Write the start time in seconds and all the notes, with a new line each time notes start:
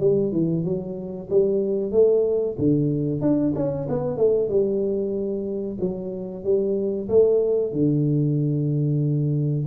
0.00 G3
0.32 E3
0.65 F#3
1.30 G3
1.92 A3
2.58 D3
3.21 D4
3.56 C#4
3.89 B3
4.17 A3
4.49 G3
5.80 F#3
6.44 G3
7.09 A3
7.73 D3